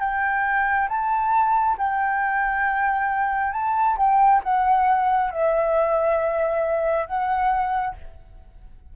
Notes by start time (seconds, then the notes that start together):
0.00 G5
0.89 A5
1.78 G5
3.53 A5
3.98 G5
4.44 F#5
5.31 E5
7.07 F#5